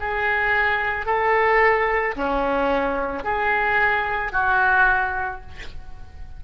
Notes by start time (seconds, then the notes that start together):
0.00 G#4
1.06 A4
2.16 C#4
3.24 G#4
4.32 F#4